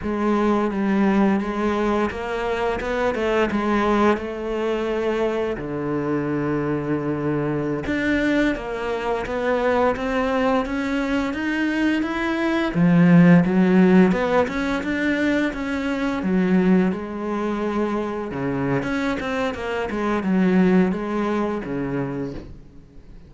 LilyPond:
\new Staff \with { instrumentName = "cello" } { \time 4/4 \tempo 4 = 86 gis4 g4 gis4 ais4 | b8 a8 gis4 a2 | d2.~ d16 d'8.~ | d'16 ais4 b4 c'4 cis'8.~ |
cis'16 dis'4 e'4 f4 fis8.~ | fis16 b8 cis'8 d'4 cis'4 fis8.~ | fis16 gis2 cis8. cis'8 c'8 | ais8 gis8 fis4 gis4 cis4 | }